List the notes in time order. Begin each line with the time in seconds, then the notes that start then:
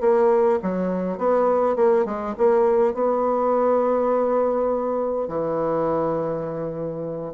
0.00 A#3
0.62 F#3
1.18 B3
1.76 A#3
2.05 G#3
2.37 A#3
2.94 B3
5.28 E3